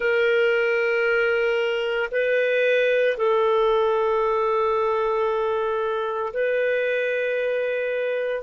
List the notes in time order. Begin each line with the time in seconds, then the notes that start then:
0.00 A#4
2.11 B4
3.17 A4
6.33 B4